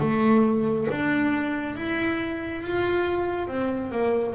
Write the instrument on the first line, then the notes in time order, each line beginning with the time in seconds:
double bass
0.00 A3
0.91 D4
1.75 E4
2.62 F4
3.48 C4
3.91 A#3